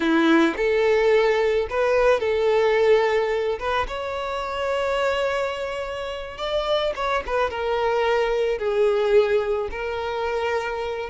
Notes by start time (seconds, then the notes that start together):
0.00 E4
0.56 A4
1.69 B4
2.20 A4
3.59 B4
3.87 C#5
6.37 D5
6.95 C#5
7.26 B4
7.50 A#4
8.58 G#4
9.70 A#4